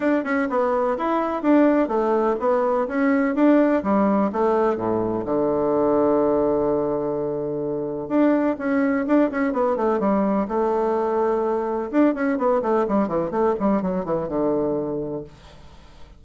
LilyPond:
\new Staff \with { instrumentName = "bassoon" } { \time 4/4 \tempo 4 = 126 d'8 cis'8 b4 e'4 d'4 | a4 b4 cis'4 d'4 | g4 a4 a,4 d4~ | d1~ |
d4 d'4 cis'4 d'8 cis'8 | b8 a8 g4 a2~ | a4 d'8 cis'8 b8 a8 g8 e8 | a8 g8 fis8 e8 d2 | }